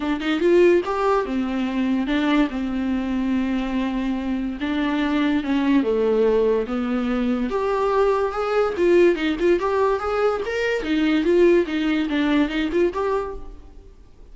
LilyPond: \new Staff \with { instrumentName = "viola" } { \time 4/4 \tempo 4 = 144 d'8 dis'8 f'4 g'4 c'4~ | c'4 d'4 c'2~ | c'2. d'4~ | d'4 cis'4 a2 |
b2 g'2 | gis'4 f'4 dis'8 f'8 g'4 | gis'4 ais'4 dis'4 f'4 | dis'4 d'4 dis'8 f'8 g'4 | }